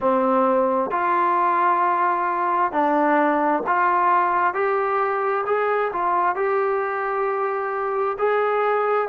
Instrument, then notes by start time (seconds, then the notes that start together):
trombone
0.00 C4
0.90 F4
2.72 D4
3.67 F4
4.53 G4
5.45 G#4
5.92 F4
6.35 G4
8.18 G#4